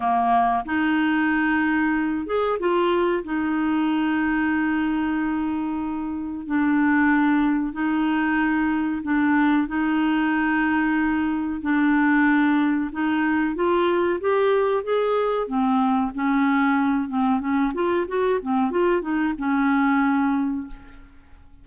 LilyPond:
\new Staff \with { instrumentName = "clarinet" } { \time 4/4 \tempo 4 = 93 ais4 dis'2~ dis'8 gis'8 | f'4 dis'2.~ | dis'2 d'2 | dis'2 d'4 dis'4~ |
dis'2 d'2 | dis'4 f'4 g'4 gis'4 | c'4 cis'4. c'8 cis'8 f'8 | fis'8 c'8 f'8 dis'8 cis'2 | }